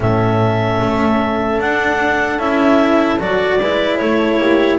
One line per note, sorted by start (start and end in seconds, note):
0.00 0.80 A2
0.00 1.60 C#4
0.00 3.60 A4
0.00 1.61 E5
0.80 1.59 A3
1.59 2.39 D4
1.59 2.39 F#5
2.39 3.19 C#4
2.39 3.19 E4
2.39 3.19 E5
3.19 3.59 F#3
3.19 3.59 F#4
3.19 3.97 D5
3.60 4.00 G#3
3.60 4.78 E4
3.60 4.00 B4
3.97 4.38 A3
3.97 4.41 A4
3.97 4.77 C#5
4.38 4.78 A#3
4.38 4.78 G4